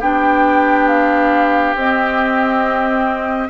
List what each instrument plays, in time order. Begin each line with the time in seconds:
0.00 bassoon B3, clarinet D4, oboe G4, flute G5
0.88 flute F5
1.75 bassoon C4, clarinet C4, flute D#5